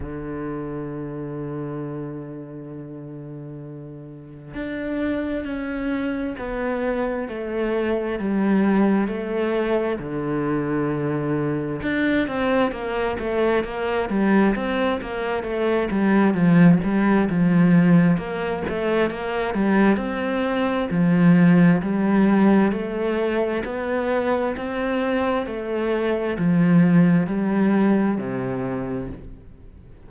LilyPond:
\new Staff \with { instrumentName = "cello" } { \time 4/4 \tempo 4 = 66 d1~ | d4 d'4 cis'4 b4 | a4 g4 a4 d4~ | d4 d'8 c'8 ais8 a8 ais8 g8 |
c'8 ais8 a8 g8 f8 g8 f4 | ais8 a8 ais8 g8 c'4 f4 | g4 a4 b4 c'4 | a4 f4 g4 c4 | }